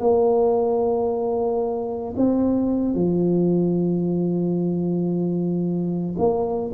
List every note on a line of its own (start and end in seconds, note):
0.00 2.14 A#3
2.17 2.95 C4
2.95 6.16 F3
6.19 6.72 A#3